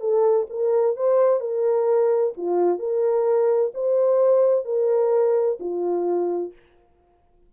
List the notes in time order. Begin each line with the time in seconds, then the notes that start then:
0.00 A4
0.50 A#4
0.96 C5
1.40 A#4
2.37 F4
2.79 A#4
3.74 C5
4.65 A#4
5.60 F4